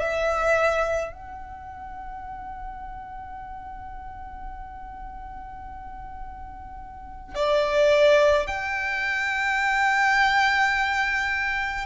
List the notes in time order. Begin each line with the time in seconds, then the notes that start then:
0.00 E5
1.13 F#5
7.35 D5
8.48 G5